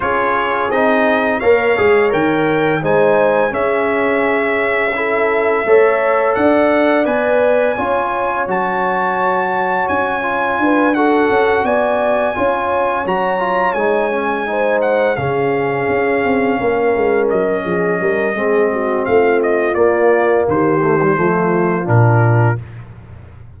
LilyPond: <<
  \new Staff \with { instrumentName = "trumpet" } { \time 4/4 \tempo 4 = 85 cis''4 dis''4 f''4 g''4 | gis''4 e''2.~ | e''4 fis''4 gis''2 | a''2 gis''4. fis''8~ |
fis''8 gis''2 ais''4 gis''8~ | gis''4 fis''8 f''2~ f''8~ | f''8 dis''2~ dis''8 f''8 dis''8 | d''4 c''2 ais'4 | }
  \new Staff \with { instrumentName = "horn" } { \time 4/4 gis'2 cis''2 | c''4 gis'2 a'4 | cis''4 d''2 cis''4~ | cis''2. b'8 a'8~ |
a'8 d''4 cis''2~ cis''8~ | cis''8 c''4 gis'2 ais'8~ | ais'4 gis'8 ais'8 gis'8 fis'8 f'4~ | f'4 g'4 f'2 | }
  \new Staff \with { instrumentName = "trombone" } { \time 4/4 f'4 dis'4 ais'8 gis'8 ais'4 | dis'4 cis'2 e'4 | a'2 b'4 f'4 | fis'2~ fis'8 f'4 fis'8~ |
fis'4. f'4 fis'8 f'8 dis'8 | cis'8 dis'4 cis'2~ cis'8~ | cis'2 c'2 | ais4. a16 g16 a4 d'4 | }
  \new Staff \with { instrumentName = "tuba" } { \time 4/4 cis'4 c'4 ais8 gis8 dis4 | gis4 cis'2. | a4 d'4 b4 cis'4 | fis2 cis'4 d'4 |
cis'8 b4 cis'4 fis4 gis8~ | gis4. cis4 cis'8 c'8 ais8 | gis8 fis8 f8 g8 gis4 a4 | ais4 dis4 f4 ais,4 | }
>>